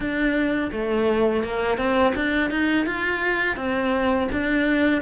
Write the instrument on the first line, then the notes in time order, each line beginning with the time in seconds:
cello
0.00 D4
0.71 A3
1.43 A#3
1.77 C4
2.15 D4
2.50 D#4
2.86 F4
3.56 C4
4.31 D4